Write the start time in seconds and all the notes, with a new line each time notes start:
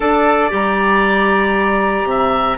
0.00 D4 A4 D5 A5
0.49 G3 G4 A#5
2.04 C3 E5